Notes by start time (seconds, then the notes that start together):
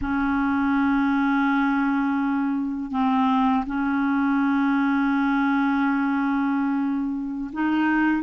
0.01 C#4
2.91 C4
3.66 C#4
7.52 D#4